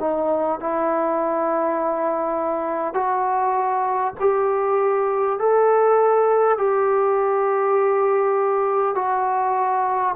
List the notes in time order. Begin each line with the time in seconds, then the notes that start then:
0.00 D#4
0.61 E4
2.94 F#4
4.21 G4
5.39 A4
6.58 G4
8.96 F#4